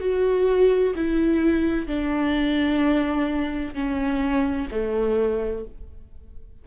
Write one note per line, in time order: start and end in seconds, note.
0.00 0.94 F#4
0.95 1.87 E4
1.87 3.74 D4
3.74 4.68 C#4
4.71 5.65 A3